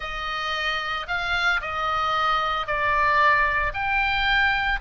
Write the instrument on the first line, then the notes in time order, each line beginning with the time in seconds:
oboe
0.00 D#5
1.07 F5
1.61 D#5
2.66 D5
3.73 G5